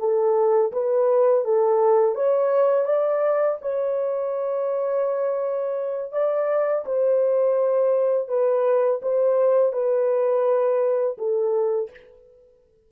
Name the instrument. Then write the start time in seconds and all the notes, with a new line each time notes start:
horn
0.00 A4
0.73 B4
1.45 A4
2.15 C#5
2.86 D5
3.62 C#5
6.13 D5
6.86 C5
8.29 B4
9.03 C5
9.73 B4
11.19 A4